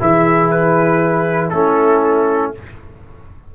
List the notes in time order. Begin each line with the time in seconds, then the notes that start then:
0.00 E3 E4 G#4 E5
0.50 B4
1.49 A3 C#4 E4 A4